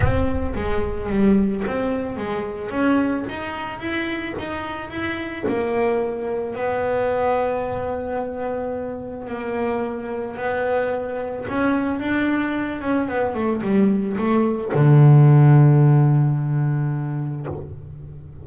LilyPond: \new Staff \with { instrumentName = "double bass" } { \time 4/4 \tempo 4 = 110 c'4 gis4 g4 c'4 | gis4 cis'4 dis'4 e'4 | dis'4 e'4 ais2 | b1~ |
b4 ais2 b4~ | b4 cis'4 d'4. cis'8 | b8 a8 g4 a4 d4~ | d1 | }